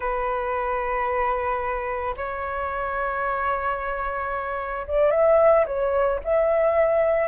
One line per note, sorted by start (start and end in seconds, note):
0.00 2.14 B4
2.16 4.86 C#5
4.87 5.11 D5
5.11 5.65 E5
5.65 6.19 C#5
6.24 7.28 E5